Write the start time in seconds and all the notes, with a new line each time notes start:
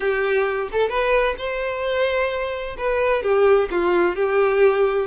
0.00 G4
0.71 A4
0.89 B4
1.38 C5
2.77 B4
3.22 G4
3.70 F4
4.15 G4